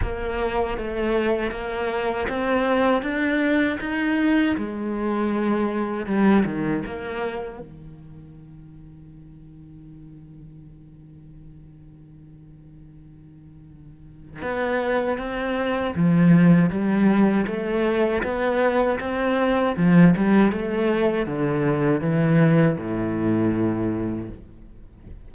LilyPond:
\new Staff \with { instrumentName = "cello" } { \time 4/4 \tempo 4 = 79 ais4 a4 ais4 c'4 | d'4 dis'4 gis2 | g8 dis8 ais4 dis2~ | dis1~ |
dis2. b4 | c'4 f4 g4 a4 | b4 c'4 f8 g8 a4 | d4 e4 a,2 | }